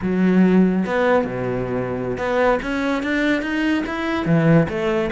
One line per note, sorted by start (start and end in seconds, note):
0.02 0.85 F#3
0.86 1.24 B3
1.24 2.17 B2
2.17 2.59 B3
2.62 3.02 C#4
3.02 3.42 D4
3.42 3.83 D#4
3.86 4.25 E4
4.25 4.67 E3
4.69 5.10 A3